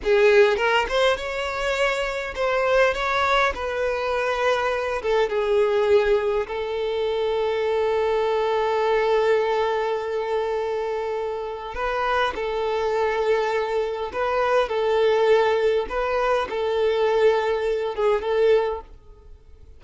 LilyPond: \new Staff \with { instrumentName = "violin" } { \time 4/4 \tempo 4 = 102 gis'4 ais'8 c''8 cis''2 | c''4 cis''4 b'2~ | b'8 a'8 gis'2 a'4~ | a'1~ |
a'1 | b'4 a'2. | b'4 a'2 b'4 | a'2~ a'8 gis'8 a'4 | }